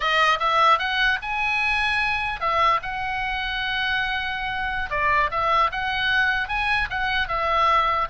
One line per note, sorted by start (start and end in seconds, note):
0.00 0.38 D#5
0.39 0.79 E5
0.79 1.19 F#5
1.21 2.40 G#5
2.40 2.80 E5
2.82 4.90 F#5
4.90 5.30 D5
5.30 5.70 E5
5.71 6.48 F#5
6.48 6.88 G#5
6.90 7.28 F#5
7.28 8.08 E5